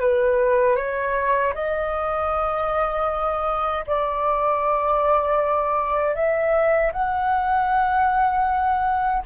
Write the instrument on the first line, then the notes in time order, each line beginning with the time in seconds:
flute
0.00 B4
0.76 C#5
1.55 D#5
3.87 D5
6.15 E5
6.93 F#5